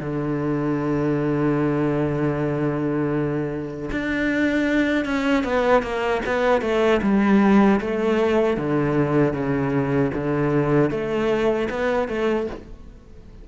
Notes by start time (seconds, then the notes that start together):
0.00 D3
3.91 D4
5.05 C#4
5.44 B3
5.82 A#3
6.26 B3
6.61 A3
7.02 G3
7.80 A3
8.57 D3
9.33 C#3
10.13 D3
10.91 A3
11.70 B3
12.08 A3